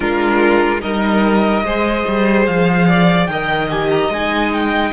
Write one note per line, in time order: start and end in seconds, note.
0.00 0.82 G#3
0.00 0.80 D4
0.00 0.81 F4
0.00 0.80 A#4
0.81 1.63 G3
0.81 1.63 D#4
0.81 1.63 A#4
0.81 2.45 D#5
1.63 2.04 G#3
1.63 3.29 G#4
1.63 2.88 C5
2.08 2.47 G3
2.46 3.28 F3
2.46 3.26 F5
2.88 3.29 D5
3.26 4.08 D#3
3.26 3.69 A#4
3.26 4.92 D#5
3.26 3.67 G5
3.69 4.10 G4
3.69 3.90 G#5
3.90 4.10 A#5
4.08 4.90 G#3
4.08 4.92 D#4
4.08 4.52 G#5
4.52 4.92 G5